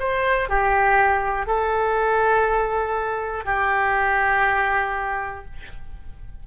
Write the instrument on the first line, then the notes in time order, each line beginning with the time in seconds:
oboe
0.00 C5
0.50 G4
1.47 A4
3.45 G4